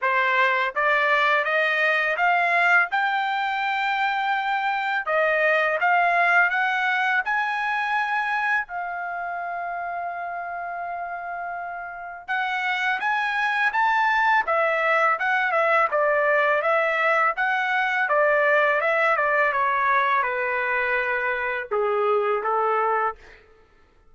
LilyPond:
\new Staff \with { instrumentName = "trumpet" } { \time 4/4 \tempo 4 = 83 c''4 d''4 dis''4 f''4 | g''2. dis''4 | f''4 fis''4 gis''2 | f''1~ |
f''4 fis''4 gis''4 a''4 | e''4 fis''8 e''8 d''4 e''4 | fis''4 d''4 e''8 d''8 cis''4 | b'2 gis'4 a'4 | }